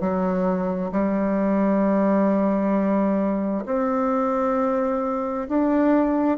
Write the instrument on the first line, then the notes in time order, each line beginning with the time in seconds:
bassoon
0.00 F#3
0.92 G3
3.65 C4
5.48 D4